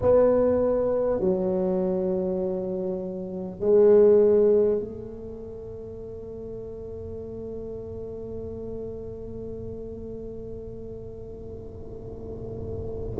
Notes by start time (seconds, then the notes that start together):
0.01 B3
1.20 F#3
3.59 G#3
4.79 A3